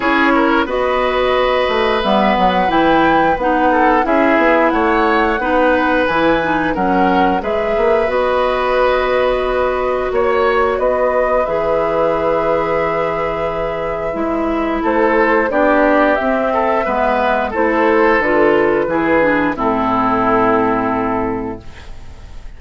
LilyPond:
<<
  \new Staff \with { instrumentName = "flute" } { \time 4/4 \tempo 4 = 89 cis''4 dis''2 e''8 fis''8 | g''4 fis''4 e''4 fis''4~ | fis''4 gis''4 fis''4 e''4 | dis''2. cis''4 |
dis''4 e''2.~ | e''2 c''4 d''4 | e''2 c''4 b'4~ | b'4 a'2. | }
  \new Staff \with { instrumentName = "oboe" } { \time 4/4 gis'8 ais'8 b'2.~ | b'4. a'8 gis'4 cis''4 | b'2 ais'4 b'4~ | b'2. cis''4 |
b'1~ | b'2 a'4 g'4~ | g'8 a'8 b'4 a'2 | gis'4 e'2. | }
  \new Staff \with { instrumentName = "clarinet" } { \time 4/4 e'4 fis'2 b4 | e'4 dis'4 e'2 | dis'4 e'8 dis'8 cis'4 gis'4 | fis'1~ |
fis'4 gis'2.~ | gis'4 e'2 d'4 | c'4 b4 e'4 f'4 | e'8 d'8 c'2. | }
  \new Staff \with { instrumentName = "bassoon" } { \time 4/4 cis'4 b4. a8 g8 fis8 | e4 b4 cis'8 b8 a4 | b4 e4 fis4 gis8 ais8 | b2. ais4 |
b4 e2.~ | e4 gis4 a4 b4 | c'4 gis4 a4 d4 | e4 a,2. | }
>>